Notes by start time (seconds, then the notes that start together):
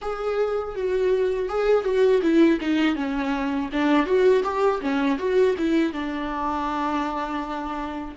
0.01 G#4
0.75 F#4
1.48 G#4
1.84 F#4
2.22 E4
2.60 D#4
2.95 C#4
3.72 D4
4.06 F#4
4.43 G4
4.81 C#4
5.18 F#4
5.58 E4
5.92 D4